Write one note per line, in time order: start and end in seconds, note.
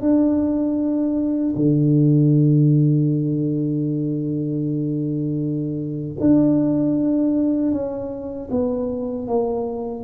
0.00 1.54 D4
1.55 6.17 D3
6.20 7.72 D4
7.72 8.49 C#4
8.50 9.27 B3
9.27 10.04 A#3